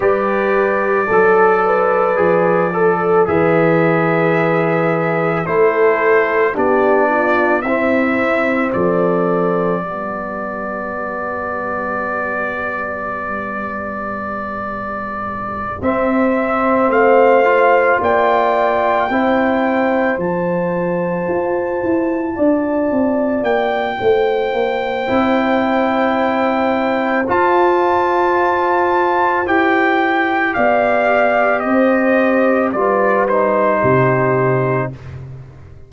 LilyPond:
<<
  \new Staff \with { instrumentName = "trumpet" } { \time 4/4 \tempo 4 = 55 d''2. e''4~ | e''4 c''4 d''4 e''4 | d''1~ | d''2~ d''8 e''4 f''8~ |
f''8 g''2 a''4.~ | a''4. g''2~ g''8~ | g''4 a''2 g''4 | f''4 dis''4 d''8 c''4. | }
  \new Staff \with { instrumentName = "horn" } { \time 4/4 b'4 a'8 b'4 a'8 b'4~ | b'4 a'4 g'8 f'8 e'4 | a'4 g'2.~ | g'2.~ g'8 c''8~ |
c''8 d''4 c''2~ c''8~ | c''8 d''4. c''2~ | c''1 | d''4 c''4 b'4 g'4 | }
  \new Staff \with { instrumentName = "trombone" } { \time 4/4 g'4 a'4 gis'8 a'8 gis'4~ | gis'4 e'4 d'4 c'4~ | c'4 b2.~ | b2~ b8 c'4. |
f'4. e'4 f'4.~ | f'2. e'4~ | e'4 f'2 g'4~ | g'2 f'8 dis'4. | }
  \new Staff \with { instrumentName = "tuba" } { \time 4/4 g4 fis4 f4 e4~ | e4 a4 b4 c'4 | f4 g2.~ | g2~ g8 c'4 a8~ |
a8 ais4 c'4 f4 f'8 | e'8 d'8 c'8 ais8 a8 ais8 c'4~ | c'4 f'2 e'4 | b4 c'4 g4 c4 | }
>>